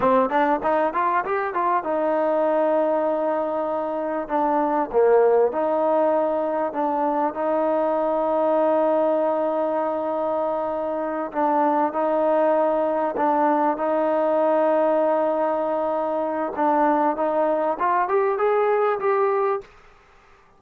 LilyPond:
\new Staff \with { instrumentName = "trombone" } { \time 4/4 \tempo 4 = 98 c'8 d'8 dis'8 f'8 g'8 f'8 dis'4~ | dis'2. d'4 | ais4 dis'2 d'4 | dis'1~ |
dis'2~ dis'8 d'4 dis'8~ | dis'4. d'4 dis'4.~ | dis'2. d'4 | dis'4 f'8 g'8 gis'4 g'4 | }